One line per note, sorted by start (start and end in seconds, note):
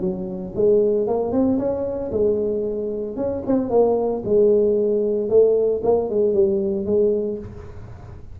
0.00 0.53 F#3
0.55 1.07 G#3
1.07 1.32 A#3
1.32 1.58 C4
1.58 2.11 C#4
2.11 3.16 G#3
3.16 3.42 C#4
3.46 3.70 C4
3.70 4.22 A#3
4.24 5.29 G#3
5.29 5.81 A3
5.83 6.09 A#3
6.09 6.33 G#3
6.33 6.85 G3
6.85 7.38 G#3